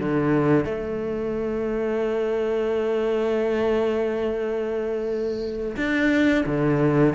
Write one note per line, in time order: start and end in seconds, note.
0.00 0.65 D3
0.65 5.76 A3
5.77 6.45 D4
6.46 7.15 D3